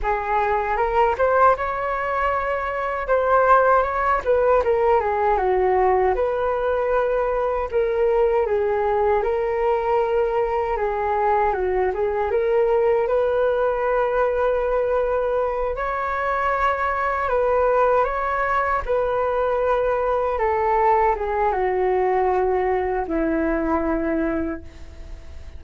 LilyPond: \new Staff \with { instrumentName = "flute" } { \time 4/4 \tempo 4 = 78 gis'4 ais'8 c''8 cis''2 | c''4 cis''8 b'8 ais'8 gis'8 fis'4 | b'2 ais'4 gis'4 | ais'2 gis'4 fis'8 gis'8 |
ais'4 b'2.~ | b'8 cis''2 b'4 cis''8~ | cis''8 b'2 a'4 gis'8 | fis'2 e'2 | }